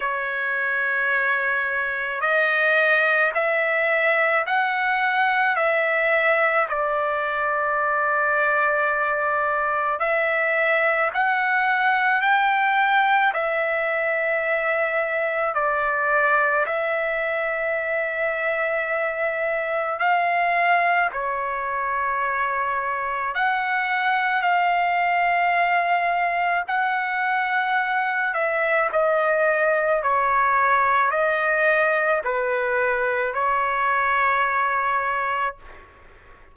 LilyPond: \new Staff \with { instrumentName = "trumpet" } { \time 4/4 \tempo 4 = 54 cis''2 dis''4 e''4 | fis''4 e''4 d''2~ | d''4 e''4 fis''4 g''4 | e''2 d''4 e''4~ |
e''2 f''4 cis''4~ | cis''4 fis''4 f''2 | fis''4. e''8 dis''4 cis''4 | dis''4 b'4 cis''2 | }